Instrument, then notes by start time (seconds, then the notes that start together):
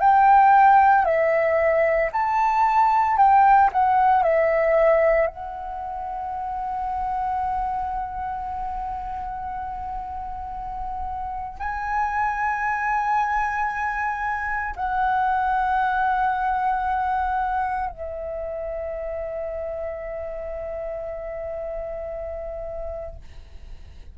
flute
0.00 G5
1.05 E5
2.12 A5
3.17 G5
3.72 F#5
4.23 E5
5.27 F#5
11.59 G#5
14.76 F#5
17.90 E5